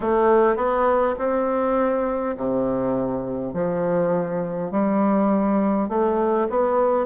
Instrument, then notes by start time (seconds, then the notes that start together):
bassoon
0.00 A3
0.56 B3
1.18 C4
2.36 C3
3.53 F3
4.71 G3
5.88 A3
6.49 B3